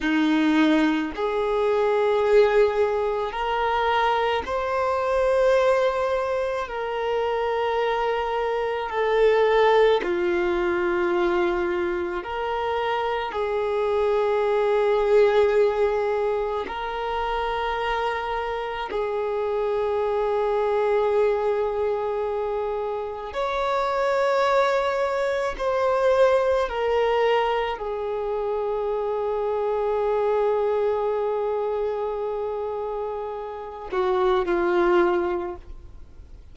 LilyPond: \new Staff \with { instrumentName = "violin" } { \time 4/4 \tempo 4 = 54 dis'4 gis'2 ais'4 | c''2 ais'2 | a'4 f'2 ais'4 | gis'2. ais'4~ |
ais'4 gis'2.~ | gis'4 cis''2 c''4 | ais'4 gis'2.~ | gis'2~ gis'8 fis'8 f'4 | }